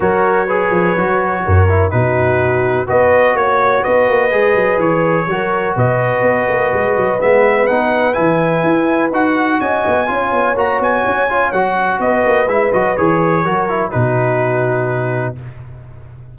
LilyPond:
<<
  \new Staff \with { instrumentName = "trumpet" } { \time 4/4 \tempo 4 = 125 cis''1 | b'2 dis''4 cis''4 | dis''2 cis''2 | dis''2. e''4 |
fis''4 gis''2 fis''4 | gis''2 ais''8 gis''4. | fis''4 dis''4 e''8 dis''8 cis''4~ | cis''4 b'2. | }
  \new Staff \with { instrumentName = "horn" } { \time 4/4 ais'4 b'2 ais'4 | fis'2 b'4 cis''4 | b'2. ais'4 | b'1~ |
b'1 | dis''4 cis''2.~ | cis''4 b'2. | ais'4 fis'2. | }
  \new Staff \with { instrumentName = "trombone" } { \time 4/4 fis'4 gis'4 fis'4. e'8 | dis'2 fis'2~ | fis'4 gis'2 fis'4~ | fis'2. b4 |
dis'4 e'2 fis'4~ | fis'4 f'4 fis'4. f'8 | fis'2 e'8 fis'8 gis'4 | fis'8 e'8 dis'2. | }
  \new Staff \with { instrumentName = "tuba" } { \time 4/4 fis4. f8 fis4 fis,4 | b,2 b4 ais4 | b8 ais8 gis8 fis8 e4 fis4 | b,4 b8 ais8 gis8 fis8 gis4 |
b4 e4 e'4 dis'4 | cis'8 b8 cis'8 b8 ais8 b8 cis'4 | fis4 b8 ais8 gis8 fis8 e4 | fis4 b,2. | }
>>